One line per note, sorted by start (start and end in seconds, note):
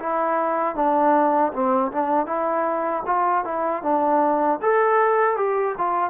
0.00 0.76 E4
0.76 1.52 D4
1.53 1.92 C4
1.92 2.26 D4
2.26 3.03 E4
3.06 3.45 F4
3.45 3.83 E4
3.83 4.60 D4
4.62 5.37 A4
5.37 5.76 G4
5.78 6.10 F4